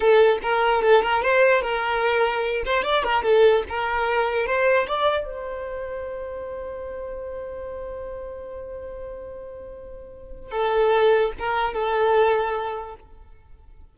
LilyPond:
\new Staff \with { instrumentName = "violin" } { \time 4/4 \tempo 4 = 148 a'4 ais'4 a'8 ais'8 c''4 | ais'2~ ais'8 c''8 d''8 ais'8 | a'4 ais'2 c''4 | d''4 c''2.~ |
c''1~ | c''1~ | c''2 a'2 | ais'4 a'2. | }